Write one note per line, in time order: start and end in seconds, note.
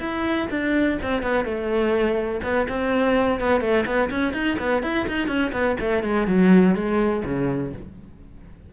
0.00 0.48 E4
0.51 0.99 D4
1.03 1.23 C4
1.23 1.45 B3
1.45 2.41 A3
2.43 2.67 B3
2.69 3.40 C4
3.40 3.61 B3
3.61 3.85 A3
3.86 4.10 B3
4.11 4.34 C#4
4.34 4.58 D#4
4.59 4.83 B3
4.83 5.07 E4
5.08 5.28 D#4
5.28 5.52 C#4
5.53 5.77 B3
5.80 6.04 A3
6.04 6.27 G#3
6.27 6.75 F#3
6.75 7.23 G#3
7.25 7.73 C#3